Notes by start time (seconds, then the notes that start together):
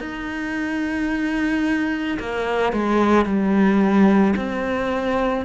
0.00 D#4
2.19 A#3
2.72 G#3
3.25 G3
4.36 C4